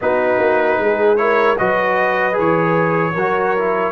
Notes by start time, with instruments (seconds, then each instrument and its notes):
0.01 tuba B3, trombone D#4, horn F#4, trumpet B4
0.39 tuba A#3
0.78 tuba G#3, horn G#4
1.16 trombone E4, horn A#4, trumpet C#5
1.58 tuba F#3, trombone F#4, horn B4, trumpet D#5
2.33 tuba E3, trombone G#4
2.39 trumpet C#5
3.13 tuba F#3, trombone F#4, horn A#4
3.57 trombone E4